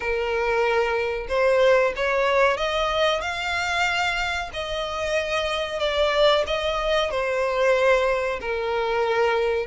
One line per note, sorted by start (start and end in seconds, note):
0.00 1.27 A#4
1.28 1.93 C5
1.96 2.57 C#5
2.57 3.21 D#5
3.21 4.50 F5
4.53 5.79 D#5
5.79 6.44 D5
6.46 7.10 D#5
7.10 8.39 C5
8.40 9.67 A#4